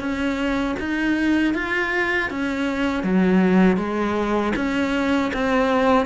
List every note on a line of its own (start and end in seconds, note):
0.00 0.76 C#4
0.79 1.54 D#4
1.54 2.30 F4
2.31 3.04 C#4
3.04 3.77 F#3
3.77 4.53 G#3
4.56 5.32 C#4
5.34 6.07 C4